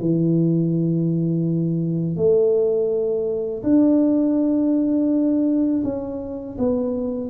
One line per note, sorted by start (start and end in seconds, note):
0.00 2.16 E3
2.16 3.62 A3
3.63 5.82 D4
5.84 6.57 C#4
6.58 7.30 B3